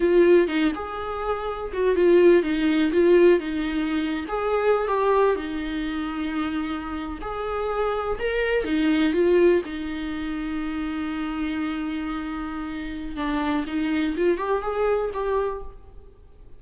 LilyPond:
\new Staff \with { instrumentName = "viola" } { \time 4/4 \tempo 4 = 123 f'4 dis'8 gis'2 fis'8 | f'4 dis'4 f'4 dis'4~ | dis'8. gis'4~ gis'16 g'4 dis'4~ | dis'2~ dis'8. gis'4~ gis'16~ |
gis'8. ais'4 dis'4 f'4 dis'16~ | dis'1~ | dis'2. d'4 | dis'4 f'8 g'8 gis'4 g'4 | }